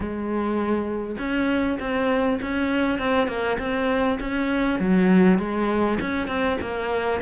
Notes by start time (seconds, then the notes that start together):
0.00 G#3
1.18 C#4
1.79 C4
2.42 C#4
2.98 C4
3.27 A#3
3.58 C4
4.19 C#4
4.79 F#3
5.38 G#3
6.00 C#4
6.27 C4
6.61 A#3